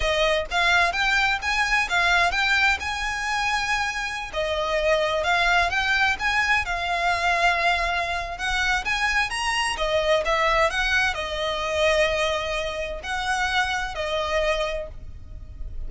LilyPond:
\new Staff \with { instrumentName = "violin" } { \time 4/4 \tempo 4 = 129 dis''4 f''4 g''4 gis''4 | f''4 g''4 gis''2~ | gis''4~ gis''16 dis''2 f''8.~ | f''16 g''4 gis''4 f''4.~ f''16~ |
f''2 fis''4 gis''4 | ais''4 dis''4 e''4 fis''4 | dis''1 | fis''2 dis''2 | }